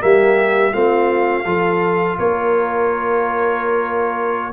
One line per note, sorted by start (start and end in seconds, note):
0.00 0.73 G3
0.00 0.72 A#3
0.00 0.73 G4
0.00 0.74 E5
0.73 1.46 A3
0.73 1.45 C4
0.73 1.45 F4
0.73 2.19 F5
1.45 2.18 F3
1.45 4.53 F4
1.45 2.17 A4
2.19 4.54 A#3
2.19 4.54 A#4
2.19 4.54 C#5